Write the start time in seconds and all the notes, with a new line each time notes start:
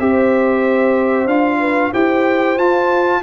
0.00 C4 G4 C5 E5
1.27 D4 F4 F5
1.60 B4
1.93 E4 G4 C5 G5
2.58 F4 A5